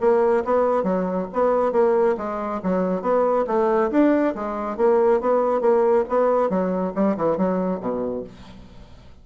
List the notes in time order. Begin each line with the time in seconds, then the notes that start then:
0.00 A#3
0.44 B3
0.83 F#3
1.32 B3
1.72 A#3
2.17 G#3
2.62 F#3
3.01 B3
3.47 A3
3.91 D4
4.35 G#3
4.77 A#3
5.20 B3
5.60 A#3
6.08 B3
6.49 F#3
6.94 G3
7.17 E3
7.37 F#3
7.80 B2